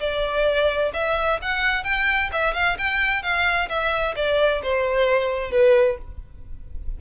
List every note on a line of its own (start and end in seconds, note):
0.00 0.92 D5
0.94 1.40 E5
1.42 1.84 F#5
1.84 2.30 G5
2.32 2.54 E5
2.54 2.77 F5
2.78 3.23 G5
3.23 3.69 F5
3.69 4.15 E5
4.16 4.62 D5
4.63 5.51 C5
5.51 5.97 B4